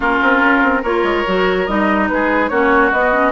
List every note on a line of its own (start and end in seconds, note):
0.00 0.18 A#3
0.00 0.83 C#4
0.00 0.82 F4
0.00 0.83 A#4
0.22 0.42 C4
0.42 0.62 C#4
0.62 0.83 C4
0.82 1.03 A#3
0.82 1.26 F4
0.82 2.07 A#4
0.82 1.66 C#5
1.03 1.24 G#3
1.26 1.68 F#3
1.26 1.67 F#4
1.66 2.09 G3
1.66 2.50 D#4
1.66 2.08 D#5
2.08 2.50 G#3
2.08 2.50 G#4
2.08 2.48 B4
2.48 2.91 A#3
2.48 2.92 C#4
2.48 3.32 F#4
2.48 2.90 C#5
2.91 3.32 B3
2.91 3.12 B3
2.91 3.32 D#5
3.12 3.32 C#4